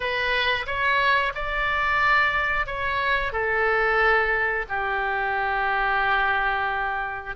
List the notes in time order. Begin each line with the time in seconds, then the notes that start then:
0.00 B4
0.66 C#5
1.34 D5
2.66 C#5
3.32 A4
4.68 G4